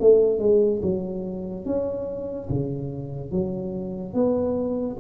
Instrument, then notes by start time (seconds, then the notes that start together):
tuba
0.00 A3
0.39 G#3
0.82 F#3
1.66 C#4
2.49 C#3
3.31 F#3
4.14 B3